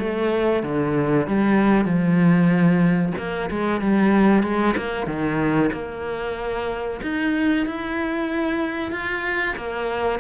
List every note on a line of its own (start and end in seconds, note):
0.00 0.64 A3
0.64 1.27 D3
1.27 1.85 G3
1.85 3.13 F3
3.18 3.50 A#3
3.51 3.82 G#3
3.82 4.44 G3
4.44 4.76 G#3
4.78 5.07 A#3
5.07 5.71 D#3
5.73 7.01 A#3
7.03 7.67 D#4
7.67 8.92 E4
8.92 9.56 F4
9.57 10.20 A#3